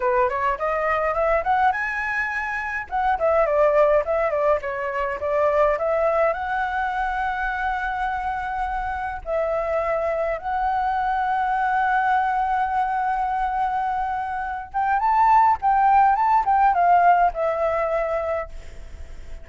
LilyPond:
\new Staff \with { instrumentName = "flute" } { \time 4/4 \tempo 4 = 104 b'8 cis''8 dis''4 e''8 fis''8 gis''4~ | gis''4 fis''8 e''8 d''4 e''8 d''8 | cis''4 d''4 e''4 fis''4~ | fis''1 |
e''2 fis''2~ | fis''1~ | fis''4. g''8 a''4 g''4 | a''8 g''8 f''4 e''2 | }